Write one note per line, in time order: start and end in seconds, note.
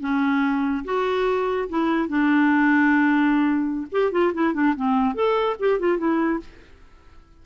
0.00 0.84 C#4
0.85 1.69 F#4
1.69 2.08 E4
2.08 3.87 D4
3.92 4.12 G4
4.12 4.33 F4
4.34 4.54 E4
4.54 4.75 D4
4.76 5.14 C4
5.14 5.56 A4
5.59 5.79 G4
5.79 5.98 F4
5.98 6.40 E4